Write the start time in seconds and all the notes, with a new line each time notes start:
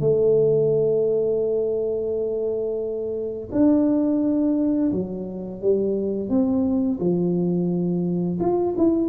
0.00 A3
3.52 D4
4.92 F#3
5.61 G3
6.29 C4
7.00 F3
8.40 F4
8.77 E4